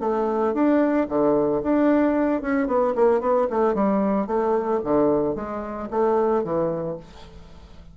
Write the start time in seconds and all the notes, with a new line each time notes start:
0.00 A3
0.54 D4
1.09 D3
1.63 D4
2.42 C#4
2.67 B3
2.95 A#3
3.20 B3
3.50 A3
3.75 G3
4.27 A3
4.84 D3
5.35 G#3
5.90 A3
6.44 E3